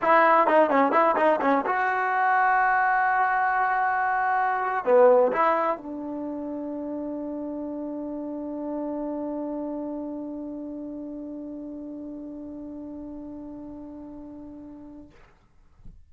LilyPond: \new Staff \with { instrumentName = "trombone" } { \time 4/4 \tempo 4 = 127 e'4 dis'8 cis'8 e'8 dis'8 cis'8 fis'8~ | fis'1~ | fis'2~ fis'16 b4 e'8.~ | e'16 d'2.~ d'8.~ |
d'1~ | d'1~ | d'1~ | d'1 | }